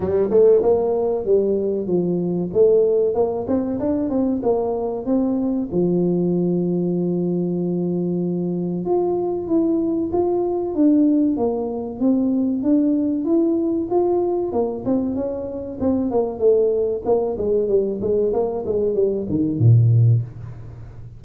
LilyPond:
\new Staff \with { instrumentName = "tuba" } { \time 4/4 \tempo 4 = 95 g8 a8 ais4 g4 f4 | a4 ais8 c'8 d'8 c'8 ais4 | c'4 f2.~ | f2 f'4 e'4 |
f'4 d'4 ais4 c'4 | d'4 e'4 f'4 ais8 c'8 | cis'4 c'8 ais8 a4 ais8 gis8 | g8 gis8 ais8 gis8 g8 dis8 ais,4 | }